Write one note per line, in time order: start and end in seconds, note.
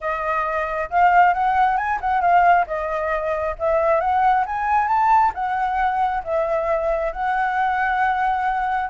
0.00 0.89 D#5
0.89 1.33 F5
1.33 1.77 F#5
1.77 1.99 G#5
2.01 2.21 F#5
2.21 2.65 F5
2.66 3.55 D#5
3.59 4.00 E5
4.00 4.44 F#5
4.46 4.87 G#5
4.87 5.32 A5
5.34 6.23 F#5
6.23 7.12 E5
7.12 8.89 F#5